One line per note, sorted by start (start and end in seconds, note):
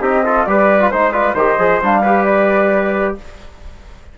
0.00 0.45 C4
0.00 0.24 D#4
0.00 0.24 G4
0.00 0.45 D#5
0.25 0.47 F4
0.25 0.48 A4
0.45 0.92 G3
0.45 0.80 G4
0.45 0.92 B4
0.45 0.90 D5
0.80 0.92 F4
0.90 1.34 G#3
0.90 1.13 D#4
0.90 1.11 C5
0.90 1.12 C5
1.11 1.35 F4
1.11 1.34 B4
1.11 1.34 D5
1.34 1.57 D#3
1.34 1.58 G4
1.34 2.02 C5
1.34 1.82 D#5
1.58 1.81 F3
1.58 1.81 G#4
1.81 3.17 G3
1.81 2.04 D4
1.81 2.24 F5
2.02 3.18 G4
2.02 3.15 B4
2.24 3.15 D5